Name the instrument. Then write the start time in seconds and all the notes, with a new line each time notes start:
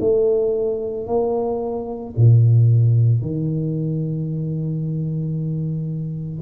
tuba
0.00 A3
1.07 A#3
2.17 A#2
3.22 D#3